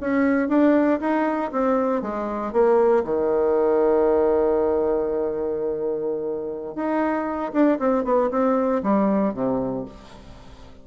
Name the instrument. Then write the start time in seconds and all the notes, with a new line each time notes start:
bassoon
0.00 C#4
0.48 D4
1.00 D#4
1.52 C4
2.02 G#3
2.53 A#3
3.04 D#3
6.75 D#4
7.53 D4
7.79 C4
8.04 B3
8.31 C4
8.83 G3
9.34 C3